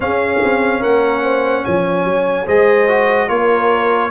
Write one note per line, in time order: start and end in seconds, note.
0.00 0.40 C#4
0.00 2.46 C#4
0.00 0.80 G#4
0.00 0.82 F5
0.43 0.83 C4
0.80 1.65 A#3
0.80 1.21 A#4
0.80 1.64 F#5
1.22 1.63 C5
1.64 2.04 F3
1.64 2.46 C#5
1.64 2.46 G#5
2.04 2.45 F#3
2.46 3.29 G#3
2.46 2.88 G#4
2.46 3.28 C5
2.46 3.28 D#5
2.88 3.28 F#4
3.28 4.10 A#3
3.28 4.10 F4
3.28 4.10 A#4
3.28 4.10 C#5